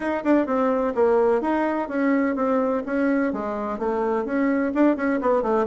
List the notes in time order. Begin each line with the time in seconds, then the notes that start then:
0.00 D#4
0.24 D4
0.46 C4
0.94 A#3
1.41 D#4
1.88 C#4
2.35 C4
2.86 C#4
3.32 G#3
3.78 A3
4.25 C#4
4.74 D4
4.96 C#4
5.21 B3
5.42 A3